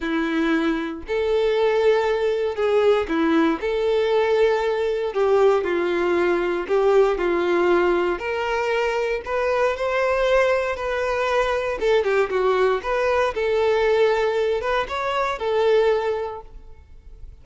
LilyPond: \new Staff \with { instrumentName = "violin" } { \time 4/4 \tempo 4 = 117 e'2 a'2~ | a'4 gis'4 e'4 a'4~ | a'2 g'4 f'4~ | f'4 g'4 f'2 |
ais'2 b'4 c''4~ | c''4 b'2 a'8 g'8 | fis'4 b'4 a'2~ | a'8 b'8 cis''4 a'2 | }